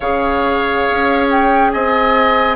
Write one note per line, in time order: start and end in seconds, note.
0.00 0.87 C#3
0.00 2.55 G#4
0.00 1.71 C#5
0.00 1.28 F5
0.90 1.74 C#4
1.30 1.71 G5
1.71 2.55 C4
1.71 2.55 D#5
1.71 2.55 G#5